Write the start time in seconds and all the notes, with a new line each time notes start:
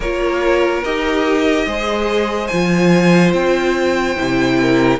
0.00 A#3 F4 A#4 C#5
0.84 D#4 G4 D#5
1.66 G#3 G#4 C5
2.47 F3 F4 G#5
3.32 C4 G5
4.16 C3 E4
4.61 A#4